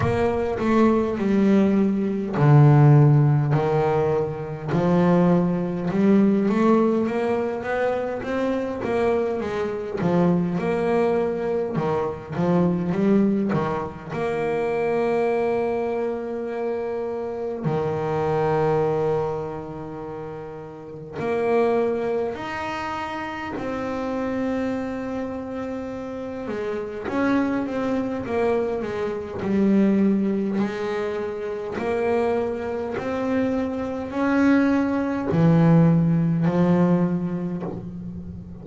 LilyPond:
\new Staff \with { instrumentName = "double bass" } { \time 4/4 \tempo 4 = 51 ais8 a8 g4 d4 dis4 | f4 g8 a8 ais8 b8 c'8 ais8 | gis8 f8 ais4 dis8 f8 g8 dis8 | ais2. dis4~ |
dis2 ais4 dis'4 | c'2~ c'8 gis8 cis'8 c'8 | ais8 gis8 g4 gis4 ais4 | c'4 cis'4 e4 f4 | }